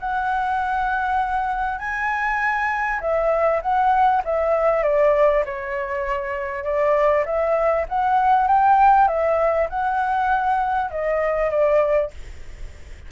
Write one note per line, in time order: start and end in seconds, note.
0.00 1.79 F#5
1.79 3.00 G#5
3.01 3.61 E5
3.62 4.22 F#5
4.25 4.83 E5
4.83 5.44 D5
5.45 6.64 C#5
6.64 7.25 D5
7.25 7.86 E5
7.88 8.47 F#5
8.47 9.08 G5
9.08 9.68 E5
9.69 10.91 F#5
10.91 11.50 D#5
11.50 12.11 D5